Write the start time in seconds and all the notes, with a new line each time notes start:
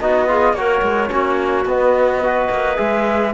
0.00 B3 D#4 F#4 D#5
0.28 F4 G#4
0.54 A#3 F#4 A#4 C#5
0.82 G#3
1.09 A#3 C#4 F#4
1.65 B3 D#5
2.23 F#4 B4
2.50 A#3
2.76 G#3 G#4 E5